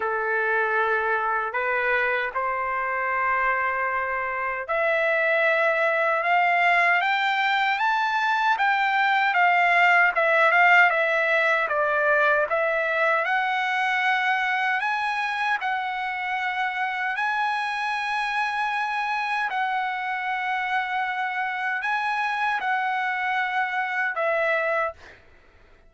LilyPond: \new Staff \with { instrumentName = "trumpet" } { \time 4/4 \tempo 4 = 77 a'2 b'4 c''4~ | c''2 e''2 | f''4 g''4 a''4 g''4 | f''4 e''8 f''8 e''4 d''4 |
e''4 fis''2 gis''4 | fis''2 gis''2~ | gis''4 fis''2. | gis''4 fis''2 e''4 | }